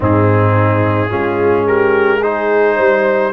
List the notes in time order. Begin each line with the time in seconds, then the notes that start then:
0.00 G#2 C4 D#4 G#4
1.09 G#3 C#4 F4
1.67 G4 A#4
2.19 D#4 G#4 C5
2.76 G3 C5